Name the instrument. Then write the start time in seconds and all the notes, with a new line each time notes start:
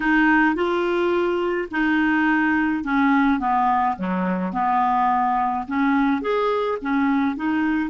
clarinet
0.00 D#4
0.55 F4
1.71 D#4
2.84 C#4
3.39 B3
3.97 F#3
4.52 B3
5.67 C#4
6.21 G#4
6.81 C#4
7.36 D#4